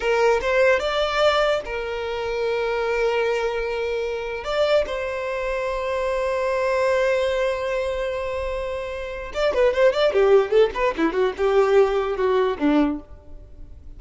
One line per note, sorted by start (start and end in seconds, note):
0.00 0.40 A#4
0.41 0.79 C5
0.79 1.60 D5
1.65 4.44 A#4
4.44 4.84 D5
4.86 9.32 C5
9.34 9.54 D5
9.54 9.73 B4
9.73 9.92 C5
9.92 10.13 D5
10.13 10.50 G4
10.50 10.70 A4
10.74 10.94 B4
10.97 11.13 E4
11.13 11.33 F#4
11.37 12.16 G4
12.16 12.57 F#4
12.59 12.99 D4